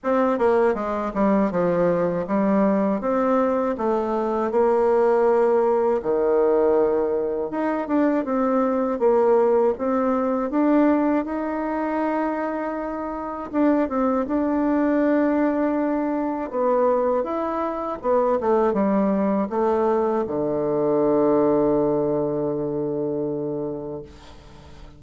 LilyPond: \new Staff \with { instrumentName = "bassoon" } { \time 4/4 \tempo 4 = 80 c'8 ais8 gis8 g8 f4 g4 | c'4 a4 ais2 | dis2 dis'8 d'8 c'4 | ais4 c'4 d'4 dis'4~ |
dis'2 d'8 c'8 d'4~ | d'2 b4 e'4 | b8 a8 g4 a4 d4~ | d1 | }